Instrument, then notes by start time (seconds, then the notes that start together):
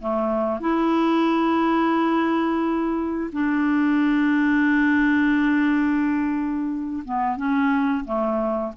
clarinet
0.00 A3
0.61 E4
3.33 D4
7.05 B3
7.37 C#4
8.05 A3